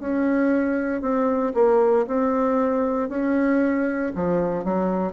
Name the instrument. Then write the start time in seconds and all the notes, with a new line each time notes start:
bassoon
0.00 C#4
1.02 C4
1.55 A#3
2.07 C4
3.09 C#4
4.15 F3
4.64 F#3